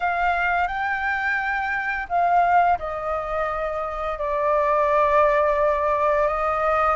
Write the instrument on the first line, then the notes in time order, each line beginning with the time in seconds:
flute
0.00 F5
0.67 G5
2.08 F5
2.78 D#5
4.18 D5
6.27 D#5